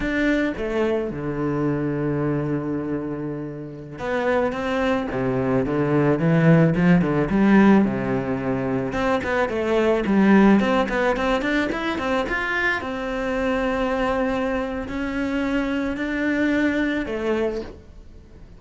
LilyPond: \new Staff \with { instrumentName = "cello" } { \time 4/4 \tempo 4 = 109 d'4 a4 d2~ | d2.~ d16 b8.~ | b16 c'4 c4 d4 e8.~ | e16 f8 d8 g4 c4.~ c16~ |
c16 c'8 b8 a4 g4 c'8 b16~ | b16 c'8 d'8 e'8 c'8 f'4 c'8.~ | c'2. cis'4~ | cis'4 d'2 a4 | }